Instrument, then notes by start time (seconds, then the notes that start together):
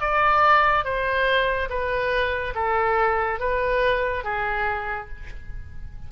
oboe
0.00 D5
0.84 C5
1.69 B4
2.55 A4
3.39 B4
4.24 G#4